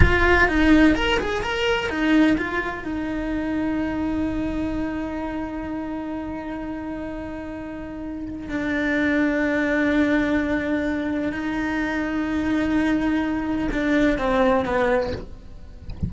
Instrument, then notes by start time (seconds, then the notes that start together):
cello
0.00 F4
0.47 D#4
0.95 A#4
1.19 G#4
1.42 A#4
1.89 D#4
2.37 F4
2.83 D#4
8.48 D4
11.32 D#4
13.72 D4
14.18 C4
14.65 B3